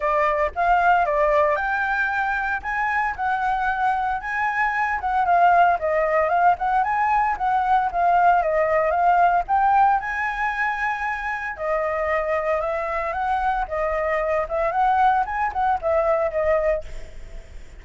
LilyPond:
\new Staff \with { instrumentName = "flute" } { \time 4/4 \tempo 4 = 114 d''4 f''4 d''4 g''4~ | g''4 gis''4 fis''2 | gis''4. fis''8 f''4 dis''4 | f''8 fis''8 gis''4 fis''4 f''4 |
dis''4 f''4 g''4 gis''4~ | gis''2 dis''2 | e''4 fis''4 dis''4. e''8 | fis''4 gis''8 fis''8 e''4 dis''4 | }